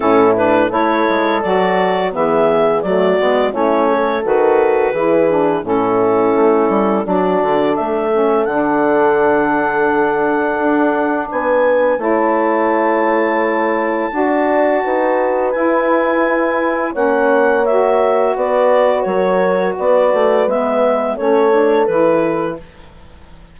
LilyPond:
<<
  \new Staff \with { instrumentName = "clarinet" } { \time 4/4 \tempo 4 = 85 a'8 b'8 cis''4 d''4 e''4 | d''4 cis''4 b'2 | a'2 d''4 e''4 | fis''1 |
gis''4 a''2.~ | a''2 gis''2 | fis''4 e''4 d''4 cis''4 | d''4 e''4 cis''4 b'4 | }
  \new Staff \with { instrumentName = "horn" } { \time 4/4 e'4 a'2 gis'4 | fis'4 e'8 a'4. gis'4 | e'2 fis'4 a'4~ | a'1 |
b'4 cis''2. | d''4 b'2. | cis''2 b'4 ais'4 | b'2 a'2 | }
  \new Staff \with { instrumentName = "saxophone" } { \time 4/4 cis'8 d'8 e'4 fis'4 b4 | a8 b8 cis'4 fis'4 e'8 d'8 | cis'2 d'4. cis'8 | d'1~ |
d'4 e'2. | fis'2 e'2 | cis'4 fis'2.~ | fis'4 b4 cis'8 d'8 e'4 | }
  \new Staff \with { instrumentName = "bassoon" } { \time 4/4 a,4 a8 gis8 fis4 e4 | fis8 gis8 a4 dis4 e4 | a,4 a8 g8 fis8 d8 a4 | d2. d'4 |
b4 a2. | d'4 dis'4 e'2 | ais2 b4 fis4 | b8 a8 gis4 a4 e4 | }
>>